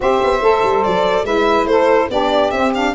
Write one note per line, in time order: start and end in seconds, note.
0.00 0.21 C4
0.00 0.40 G4
0.00 1.25 C5
0.00 0.83 E5
0.24 0.41 B3
0.41 0.62 A3
0.41 1.26 A4
0.62 0.83 G3
0.83 1.23 F#3
0.83 1.25 D5
1.23 1.65 G#3
1.23 2.10 E4
1.23 1.67 B4
1.23 1.66 E5
1.65 2.07 A3
1.65 2.09 A4
1.65 2.08 C5
2.09 2.51 B3
2.09 2.52 D4
2.09 2.93 G4
2.09 2.50 D5
2.50 2.93 C4
2.50 2.75 C4
2.50 2.71 E5
2.74 2.95 D4
2.74 2.95 F5